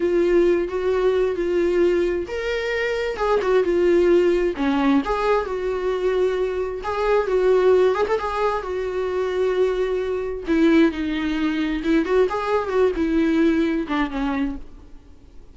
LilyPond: \new Staff \with { instrumentName = "viola" } { \time 4/4 \tempo 4 = 132 f'4. fis'4. f'4~ | f'4 ais'2 gis'8 fis'8 | f'2 cis'4 gis'4 | fis'2. gis'4 |
fis'4. gis'16 a'16 gis'4 fis'4~ | fis'2. e'4 | dis'2 e'8 fis'8 gis'4 | fis'8 e'2 d'8 cis'4 | }